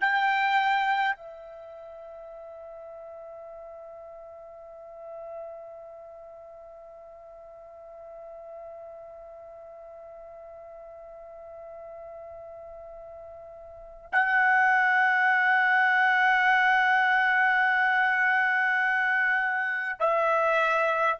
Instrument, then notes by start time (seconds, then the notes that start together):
trumpet
0.00 G5
1.16 E5
14.12 F#5
20.00 E5